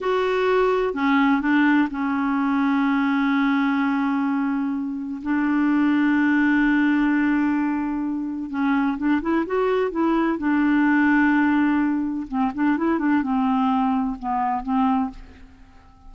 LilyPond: \new Staff \with { instrumentName = "clarinet" } { \time 4/4 \tempo 4 = 127 fis'2 cis'4 d'4 | cis'1~ | cis'2. d'4~ | d'1~ |
d'2 cis'4 d'8 e'8 | fis'4 e'4 d'2~ | d'2 c'8 d'8 e'8 d'8 | c'2 b4 c'4 | }